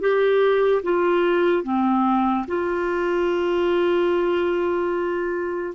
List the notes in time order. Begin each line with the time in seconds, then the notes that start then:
0.00 G4
0.83 F4
1.63 C4
2.47 F4